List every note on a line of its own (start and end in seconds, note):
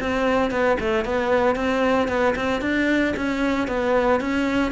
0.00 0.51 C4
0.51 0.77 B3
0.80 1.05 A3
1.05 1.55 B3
1.55 2.08 C4
2.08 2.34 B3
2.35 2.61 C4
2.61 3.14 D4
3.16 3.67 C#4
3.67 4.20 B3
4.20 4.71 C#4